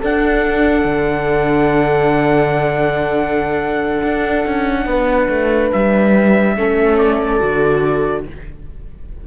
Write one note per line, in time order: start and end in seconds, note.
0.00 6.56 D4
0.00 0.85 D4
0.00 4.86 A4
0.00 5.72 F#5
0.85 4.01 D3
4.03 4.45 D4
4.46 4.86 C#4
4.86 5.28 B3
4.86 6.57 B4
5.29 5.71 A3
5.72 6.57 G3
5.72 6.98 E5
6.56 7.41 A3
6.56 7.40 C#4
6.56 8.27 A4
6.98 8.25 D5
7.40 8.27 D3
7.40 8.24 F#4